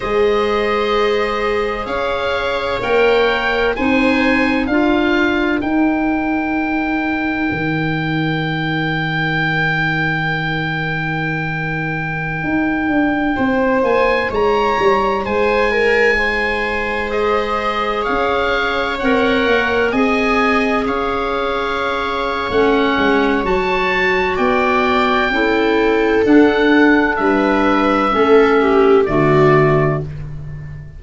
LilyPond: <<
  \new Staff \with { instrumentName = "oboe" } { \time 4/4 \tempo 4 = 64 dis''2 f''4 g''4 | gis''4 f''4 g''2~ | g''1~ | g''2~ g''8. gis''8 ais''8.~ |
ais''16 gis''2 dis''4 f''8.~ | f''16 fis''4 gis''4 f''4.~ f''16 | fis''4 a''4 g''2 | fis''4 e''2 d''4 | }
  \new Staff \with { instrumentName = "viola" } { \time 4/4 c''2 cis''2 | c''4 ais'2.~ | ais'1~ | ais'2~ ais'16 c''4 cis''8.~ |
cis''16 c''8 ais'8 c''2 cis''8.~ | cis''4~ cis''16 dis''4 cis''4.~ cis''16~ | cis''2 d''4 a'4~ | a'4 b'4 a'8 g'8 fis'4 | }
  \new Staff \with { instrumentName = "clarinet" } { \time 4/4 gis'2. ais'4 | dis'4 f'4 dis'2~ | dis'1~ | dis'1~ |
dis'2~ dis'16 gis'4.~ gis'16~ | gis'16 ais'4 gis'2~ gis'8. | cis'4 fis'2 e'4 | d'2 cis'4 a4 | }
  \new Staff \with { instrumentName = "tuba" } { \time 4/4 gis2 cis'4 ais4 | c'4 d'4 dis'2 | dis1~ | dis4~ dis16 dis'8 d'8 c'8 ais8 gis8 g16~ |
g16 gis2. cis'8.~ | cis'16 c'8 ais8 c'4 cis'4.~ cis'16 | a8 gis8 fis4 b4 cis'4 | d'4 g4 a4 d4 | }
>>